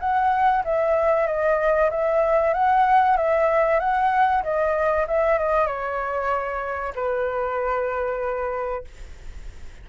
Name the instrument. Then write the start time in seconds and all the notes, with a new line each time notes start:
flute
0.00 F#5
0.64 E5
1.27 D#5
1.90 E5
2.53 F#5
3.17 E5
3.80 F#5
4.43 D#5
5.08 E5
5.38 D#5
5.67 C#5
6.95 B4